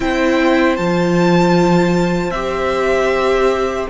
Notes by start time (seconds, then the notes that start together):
0.00 C4 E4 C5 G5
0.76 F3 F4 A5
2.30 C4 G4 E5